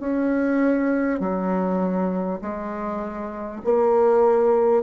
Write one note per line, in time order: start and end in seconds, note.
0.00 1.20 C#4
1.20 2.40 F#3
2.42 3.62 G#3
3.64 4.83 A#3